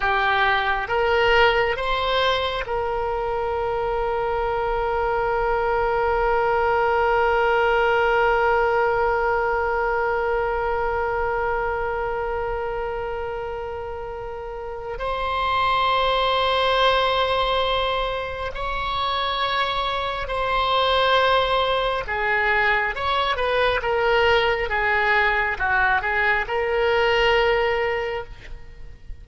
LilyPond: \new Staff \with { instrumentName = "oboe" } { \time 4/4 \tempo 4 = 68 g'4 ais'4 c''4 ais'4~ | ais'1~ | ais'1~ | ais'1~ |
ais'4 c''2.~ | c''4 cis''2 c''4~ | c''4 gis'4 cis''8 b'8 ais'4 | gis'4 fis'8 gis'8 ais'2 | }